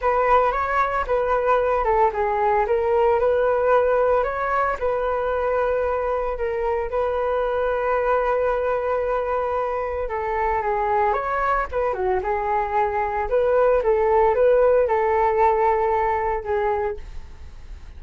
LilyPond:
\new Staff \with { instrumentName = "flute" } { \time 4/4 \tempo 4 = 113 b'4 cis''4 b'4. a'8 | gis'4 ais'4 b'2 | cis''4 b'2. | ais'4 b'2.~ |
b'2. a'4 | gis'4 cis''4 b'8 fis'8 gis'4~ | gis'4 b'4 a'4 b'4 | a'2. gis'4 | }